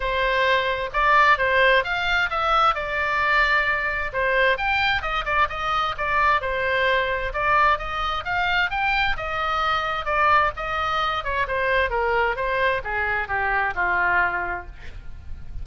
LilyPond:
\new Staff \with { instrumentName = "oboe" } { \time 4/4 \tempo 4 = 131 c''2 d''4 c''4 | f''4 e''4 d''2~ | d''4 c''4 g''4 dis''8 d''8 | dis''4 d''4 c''2 |
d''4 dis''4 f''4 g''4 | dis''2 d''4 dis''4~ | dis''8 cis''8 c''4 ais'4 c''4 | gis'4 g'4 f'2 | }